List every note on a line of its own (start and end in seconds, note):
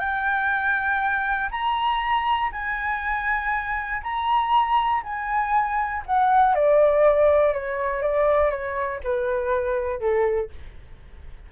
0.00 1.50 G5
1.51 2.51 A#5
2.52 4.02 G#5
4.03 5.03 A#5
5.04 6.04 G#5
6.06 6.55 F#5
6.55 7.53 D5
7.53 8.02 C#5
8.02 8.51 D5
8.51 9.01 C#5
9.04 10.00 B4
10.00 10.50 A4